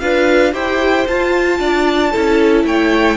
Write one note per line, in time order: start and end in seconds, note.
0.00 0.53 D4
0.00 0.52 F4
0.00 0.52 B4
0.00 0.53 F5
0.52 1.06 E4
0.52 1.06 G4
0.52 1.59 C5
0.52 1.07 G5
1.07 1.59 F4
1.07 2.13 F4
1.07 2.65 A5
1.59 2.12 D4
1.59 2.12 D5
2.12 2.64 C#4
2.12 3.16 E4
2.12 2.65 A4
2.64 3.16 A3
2.64 3.16 C#5
2.64 3.16 G5